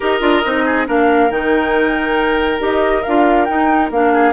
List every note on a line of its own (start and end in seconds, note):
0.00 0.21 D#4
0.00 0.20 G4
0.00 0.63 A#4
0.00 0.88 D#5
0.20 0.43 D4
0.20 0.42 F4
0.44 0.87 C4
0.44 0.86 D#4
0.65 0.87 G#4
0.86 1.30 A#3
0.86 1.29 D4
0.86 4.13 A#4
0.86 1.31 F5
1.30 2.59 D#3
1.30 2.59 D#4
1.30 2.61 G5
2.59 3.03 D#4
2.59 3.02 G4
2.59 3.02 D#5
3.02 3.49 D4
3.02 3.47 F4
3.02 3.45 F5
3.45 3.91 D#4
3.45 3.90 D#4
3.45 3.88 G5
3.90 4.33 A#3
3.90 4.33 D4
3.90 4.33 F5
4.13 4.33 G#4